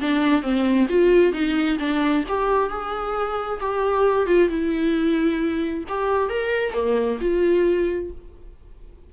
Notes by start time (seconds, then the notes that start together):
0.00 D4
0.42 C4
0.89 F4
1.32 D#4
1.79 D4
2.28 G4
2.69 G#4
3.60 G4
4.26 F4
4.48 E4
5.89 G4
6.29 A#4
6.73 A#3
7.20 F4